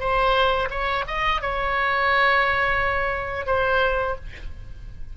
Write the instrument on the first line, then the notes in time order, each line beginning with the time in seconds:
oboe
0.00 C5
0.71 C#5
1.08 D#5
1.42 C#5
3.47 C5